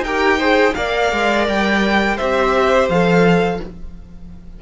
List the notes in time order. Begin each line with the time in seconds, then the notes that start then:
0.00 D#4 G5
0.06 G4 A#4
0.39 G#4 C5
0.74 A#3 A#4 D5 F5
1.13 G#3
1.49 G3 G5
2.16 C4 G4 C5 E5
2.89 F3 A4 F5